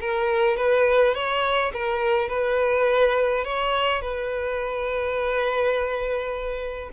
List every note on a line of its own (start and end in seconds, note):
0.00 0.57 A#4
0.57 1.14 B4
1.14 1.72 C#5
1.73 2.29 A#4
2.29 3.44 B4
3.44 4.01 C#5
4.01 6.90 B4